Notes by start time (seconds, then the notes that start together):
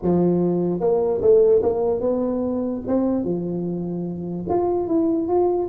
0.02 F3
0.80 A#3
1.21 A3
1.62 A#3
2.00 B3
2.87 C4
3.24 F3
4.49 F4
4.87 E4
5.28 F4